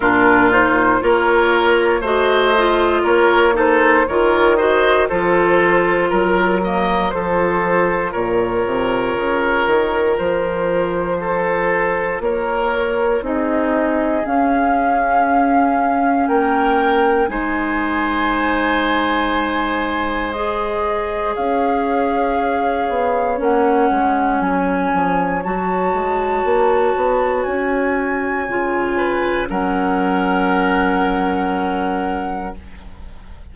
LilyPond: <<
  \new Staff \with { instrumentName = "flute" } { \time 4/4 \tempo 4 = 59 ais'8 c''8 cis''4 dis''4 cis''8 c''8 | cis''8 dis''8 c''4 ais'4 c''4 | cis''2 c''2 | cis''4 dis''4 f''2 |
g''4 gis''2. | dis''4 f''2 fis''4 | gis''4 a''2 gis''4~ | gis''4 fis''2. | }
  \new Staff \with { instrumentName = "oboe" } { \time 4/4 f'4 ais'4 c''4 ais'8 a'8 | ais'8 c''8 a'4 ais'8 dis''8 a'4 | ais'2. a'4 | ais'4 gis'2. |
ais'4 c''2.~ | c''4 cis''2.~ | cis''1~ | cis''8 b'8 ais'2. | }
  \new Staff \with { instrumentName = "clarinet" } { \time 4/4 d'8 dis'8 f'4 fis'8 f'4 dis'8 | f'8 fis'8 f'4. ais8 f'4~ | f'1~ | f'4 dis'4 cis'2~ |
cis'4 dis'2. | gis'2. cis'4~ | cis'4 fis'2. | f'4 cis'2. | }
  \new Staff \with { instrumentName = "bassoon" } { \time 4/4 ais,4 ais4 a4 ais4 | dis4 f4 fis4 f4 | ais,8 c8 cis8 dis8 f2 | ais4 c'4 cis'2 |
ais4 gis2.~ | gis4 cis'4. b8 ais8 gis8 | fis8 f8 fis8 gis8 ais8 b8 cis'4 | cis4 fis2. | }
>>